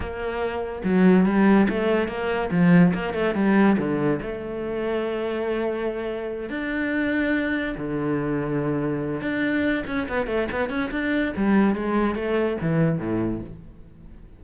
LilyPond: \new Staff \with { instrumentName = "cello" } { \time 4/4 \tempo 4 = 143 ais2 fis4 g4 | a4 ais4 f4 ais8 a8 | g4 d4 a2~ | a2.~ a8 d'8~ |
d'2~ d'8 d4.~ | d2 d'4. cis'8 | b8 a8 b8 cis'8 d'4 g4 | gis4 a4 e4 a,4 | }